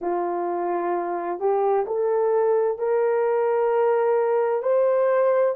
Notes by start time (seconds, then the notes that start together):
0.01 F4
1.39 G4
1.86 A4
2.78 A#4
4.62 C5